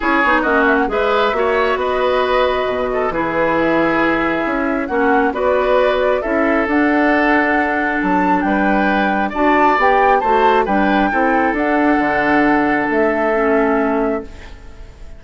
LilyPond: <<
  \new Staff \with { instrumentName = "flute" } { \time 4/4 \tempo 4 = 135 cis''4 dis''8 e''16 fis''16 e''2 | dis''2. b'4 | e''2. fis''4 | d''2 e''4 fis''4~ |
fis''2 a''4 g''4~ | g''4 a''4 g''4 a''4 | g''2 fis''2~ | fis''4 e''2. | }
  \new Staff \with { instrumentName = "oboe" } { \time 4/4 gis'4 fis'4 b'4 cis''4 | b'2~ b'8 a'8 gis'4~ | gis'2. fis'4 | b'2 a'2~ |
a'2. b'4~ | b'4 d''2 c''4 | b'4 a'2.~ | a'1 | }
  \new Staff \with { instrumentName = "clarinet" } { \time 4/4 e'8 dis'8 cis'4 gis'4 fis'4~ | fis'2. e'4~ | e'2. cis'4 | fis'2 e'4 d'4~ |
d'1~ | d'4 fis'4 g'4 fis'4 | d'4 e'4 d'2~ | d'2 cis'2 | }
  \new Staff \with { instrumentName = "bassoon" } { \time 4/4 cis'8 b8 ais4 gis4 ais4 | b2 b,4 e4~ | e2 cis'4 ais4 | b2 cis'4 d'4~ |
d'2 fis4 g4~ | g4 d'4 b4 a4 | g4 c'4 d'4 d4~ | d4 a2. | }
>>